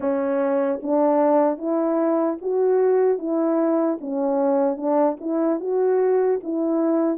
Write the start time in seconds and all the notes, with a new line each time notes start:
0.00 C#4
0.82 D4
1.57 E4
2.41 F#4
3.18 E4
4.00 C#4
4.76 D4
5.20 E4
5.60 F#4
6.43 E4